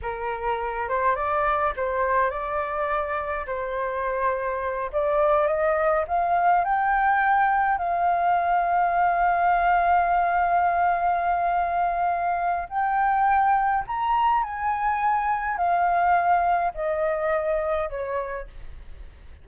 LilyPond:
\new Staff \with { instrumentName = "flute" } { \time 4/4 \tempo 4 = 104 ais'4. c''8 d''4 c''4 | d''2 c''2~ | c''8 d''4 dis''4 f''4 g''8~ | g''4. f''2~ f''8~ |
f''1~ | f''2 g''2 | ais''4 gis''2 f''4~ | f''4 dis''2 cis''4 | }